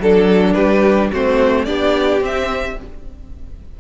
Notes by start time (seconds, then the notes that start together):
0.00 F#3 D4 A4
0.54 G3 G4 B4
1.11 A3 C4 F#4 C5
1.65 B3 D4 G4 D5
2.21 C4 E5